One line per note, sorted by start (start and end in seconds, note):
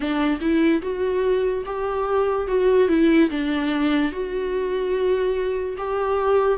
0.00 0.39 D4
0.40 0.81 E4
0.81 1.64 F#4
1.65 2.47 G4
2.47 2.88 F#4
2.88 3.29 E4
3.30 4.12 D4
4.12 5.76 F#4
5.77 6.58 G4